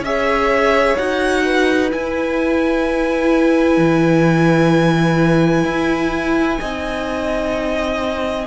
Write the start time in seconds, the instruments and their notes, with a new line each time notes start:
0.00 cello C#4, viola G#4, violin C#5 E5
0.96 cello D#4, viola F#4, violin F#5
1.45 violin B4
1.91 viola E4, cello E4, violin G#5
3.77 cello E3
5.64 cello E4
6.60 cello C4, viola D#4, violin D#5